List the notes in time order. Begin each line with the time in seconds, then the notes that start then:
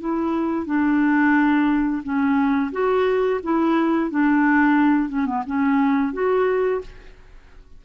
0.00 E4
0.66 D4
2.03 C#4
2.72 F#4
3.43 E4
4.10 D4
5.09 C#4
5.26 B3
5.46 C#4
6.13 F#4